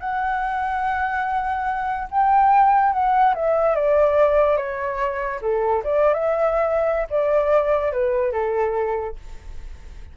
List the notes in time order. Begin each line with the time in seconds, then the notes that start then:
0.00 F#5
2.11 G5
2.93 F#5
3.35 E5
3.76 D5
4.57 C#5
5.41 A4
5.84 D5
6.14 E5
7.10 D5
7.92 B4
8.33 A4